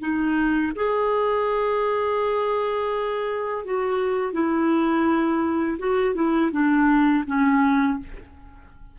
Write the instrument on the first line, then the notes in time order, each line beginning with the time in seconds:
clarinet
0.00 D#4
0.76 G#4
3.65 F#4
4.33 E4
5.79 F#4
6.15 E4
6.52 D4
7.27 C#4